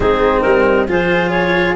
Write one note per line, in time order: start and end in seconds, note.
0.00 0.41 G#3
0.00 0.87 C4
0.00 0.87 D#4
0.00 0.41 G#4
0.41 0.88 G3
0.41 0.85 A#4
0.87 1.75 F3
0.87 1.75 F4
0.87 1.75 G#4
0.87 1.30 C5
1.30 1.74 C#5